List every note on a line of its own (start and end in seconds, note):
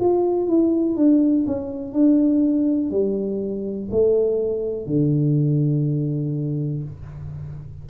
0.00 0.47 F4
0.47 0.97 E4
0.97 1.46 D4
1.47 1.93 C#4
1.93 2.91 D4
2.91 3.89 G3
3.91 4.86 A3
4.86 6.83 D3